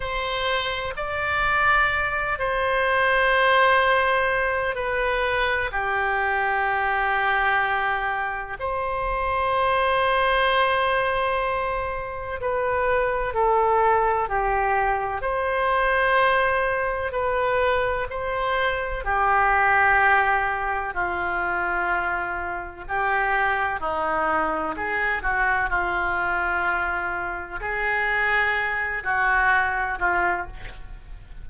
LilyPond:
\new Staff \with { instrumentName = "oboe" } { \time 4/4 \tempo 4 = 63 c''4 d''4. c''4.~ | c''4 b'4 g'2~ | g'4 c''2.~ | c''4 b'4 a'4 g'4 |
c''2 b'4 c''4 | g'2 f'2 | g'4 dis'4 gis'8 fis'8 f'4~ | f'4 gis'4. fis'4 f'8 | }